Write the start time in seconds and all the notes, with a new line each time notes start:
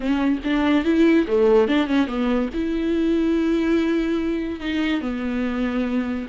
0.00 C#4
0.43 D4
0.84 E4
1.27 A3
1.67 D4
1.86 C#4
2.07 B3
2.53 E4
4.60 D#4
5.01 B3